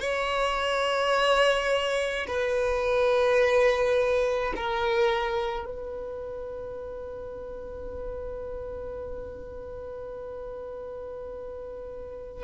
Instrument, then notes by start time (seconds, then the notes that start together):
violin
0.00 C#5
2.27 B4
4.55 A#4
5.65 B4